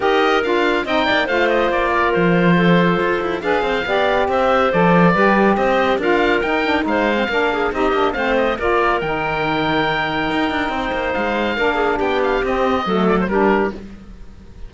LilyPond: <<
  \new Staff \with { instrumentName = "oboe" } { \time 4/4 \tempo 4 = 140 dis''4 f''4 g''4 f''8 dis''8 | d''4 c''2. | f''2 e''4 d''4~ | d''4 dis''4 f''4 g''4 |
f''2 dis''4 f''8 dis''8 | d''4 g''2.~ | g''2 f''2 | g''8 f''8 dis''4. d''16 c''16 ais'4 | }
  \new Staff \with { instrumentName = "clarinet" } { \time 4/4 ais'2 dis''8 d''8 c''4~ | c''8 ais'4. a'2 | b'8 c''8 d''4 c''2 | b'4 c''4 ais'2 |
c''4 ais'8 gis'8 g'4 c''4 | ais'1~ | ais'4 c''2 ais'8 gis'8 | g'2 a'4 g'4 | }
  \new Staff \with { instrumentName = "saxophone" } { \time 4/4 g'4 f'4 dis'4 f'4~ | f'1 | gis'4 g'2 a'4 | g'2 f'4 dis'8 d'8 |
dis'8. c'16 d'4 dis'8 d'8 c'4 | f'4 dis'2.~ | dis'2. d'4~ | d'4 c'4 a4 d'4 | }
  \new Staff \with { instrumentName = "cello" } { \time 4/4 dis'4 d'4 c'8 ais8 a4 | ais4 f2 f'8 e'8 | d'8 c'8 b4 c'4 f4 | g4 c'4 d'4 dis'4 |
gis4 ais4 c'8 ais8 a4 | ais4 dis2. | dis'8 d'8 c'8 ais8 gis4 ais4 | b4 c'4 fis4 g4 | }
>>